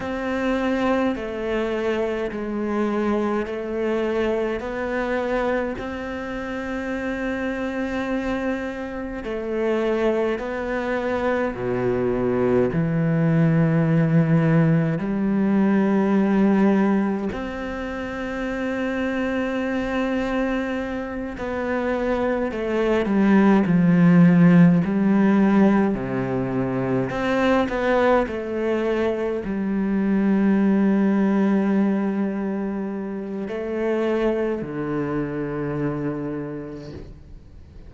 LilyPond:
\new Staff \with { instrumentName = "cello" } { \time 4/4 \tempo 4 = 52 c'4 a4 gis4 a4 | b4 c'2. | a4 b4 b,4 e4~ | e4 g2 c'4~ |
c'2~ c'8 b4 a8 | g8 f4 g4 c4 c'8 | b8 a4 g2~ g8~ | g4 a4 d2 | }